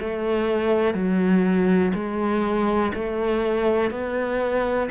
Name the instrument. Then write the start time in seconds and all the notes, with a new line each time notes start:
cello
0.00 A3
0.94 F#3
1.94 G#3
2.94 A3
3.91 B3